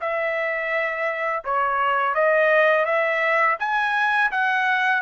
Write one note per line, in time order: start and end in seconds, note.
0.00 1.43 E5
1.44 2.14 C#5
2.14 2.85 D#5
2.85 3.56 E5
3.59 4.31 G#5
4.31 5.01 F#5